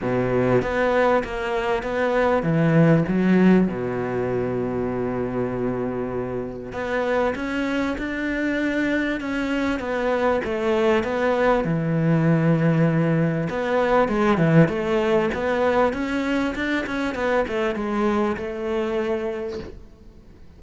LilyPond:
\new Staff \with { instrumentName = "cello" } { \time 4/4 \tempo 4 = 98 b,4 b4 ais4 b4 | e4 fis4 b,2~ | b,2. b4 | cis'4 d'2 cis'4 |
b4 a4 b4 e4~ | e2 b4 gis8 e8 | a4 b4 cis'4 d'8 cis'8 | b8 a8 gis4 a2 | }